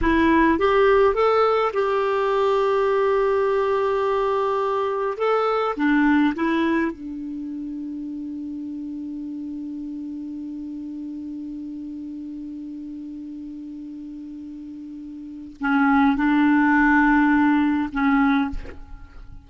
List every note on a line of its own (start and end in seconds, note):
0.01 0.58 E4
0.58 1.14 G4
1.14 1.72 A4
1.73 5.17 G4
5.17 5.75 A4
5.76 6.34 D4
6.35 6.91 E4
6.91 15.56 D4
15.60 16.16 C#4
16.16 17.89 D4
17.92 18.50 C#4